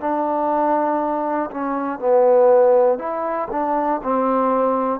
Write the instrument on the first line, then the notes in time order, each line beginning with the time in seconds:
trombone
0.00 D4
1.51 C#4
1.99 B3
2.99 E4
3.51 D4
4.03 C4